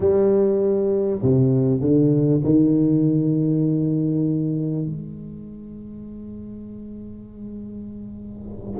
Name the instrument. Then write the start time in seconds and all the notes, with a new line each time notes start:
tuba
0.00 G3
1.22 C3
1.80 D3
2.44 D#3
4.86 G#3